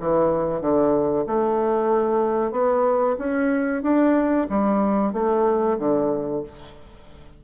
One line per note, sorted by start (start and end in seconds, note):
0.00 0.61 E3
0.61 1.26 D3
1.27 2.52 A3
2.52 3.16 B3
3.18 3.82 C#4
3.82 4.47 D4
4.50 5.13 G3
5.13 5.78 A3
5.78 6.43 D3